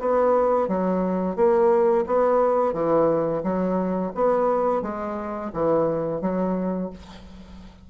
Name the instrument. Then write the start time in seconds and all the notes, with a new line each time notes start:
bassoon
0.00 B3
0.68 F#3
1.36 A#3
2.07 B3
2.74 E3
3.43 F#3
4.15 B3
4.82 G#3
5.53 E3
6.22 F#3